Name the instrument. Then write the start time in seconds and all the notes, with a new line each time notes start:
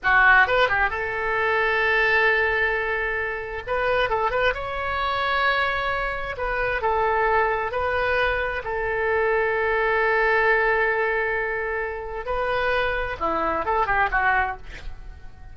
oboe
0.03 F#4
0.47 B4
0.68 G4
0.89 A4
3.67 B4
4.09 A4
4.31 B4
4.54 C#5
6.37 B4
6.81 A4
7.71 B4
8.63 A4
12.25 B4
13.19 E4
13.65 A4
13.86 G4
14.11 F#4